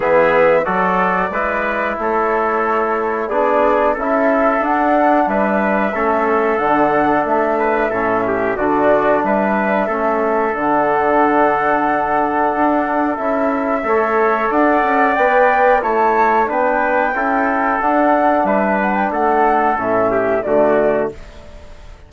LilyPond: <<
  \new Staff \with { instrumentName = "flute" } { \time 4/4 \tempo 4 = 91 e''4 d''2 cis''4~ | cis''4 d''4 e''4 fis''4 | e''2 fis''4 e''4~ | e''4 d''4 e''2 |
fis''1 | e''2 fis''4 g''4 | a''4 g''2 fis''4 | e''8 fis''16 g''16 fis''4 e''4 d''4 | }
  \new Staff \with { instrumentName = "trumpet" } { \time 4/4 gis'4 a'4 b'4 a'4~ | a'4 gis'4 a'2 | b'4 a'2~ a'8 b'8 | a'8 g'8 fis'4 b'4 a'4~ |
a'1~ | a'4 cis''4 d''2 | cis''4 b'4 a'2 | b'4 a'4. g'8 fis'4 | }
  \new Staff \with { instrumentName = "trombone" } { \time 4/4 b4 fis'4 e'2~ | e'4 d'4 e'4 d'4~ | d'4 cis'4 d'2 | cis'4 d'2 cis'4 |
d'1 | e'4 a'2 b'4 | e'4 d'4 e'4 d'4~ | d'2 cis'4 a4 | }
  \new Staff \with { instrumentName = "bassoon" } { \time 4/4 e4 fis4 gis4 a4~ | a4 b4 cis'4 d'4 | g4 a4 d4 a4 | a,4 d4 g4 a4 |
d2. d'4 | cis'4 a4 d'8 cis'8 b4 | a4 b4 cis'4 d'4 | g4 a4 a,4 d4 | }
>>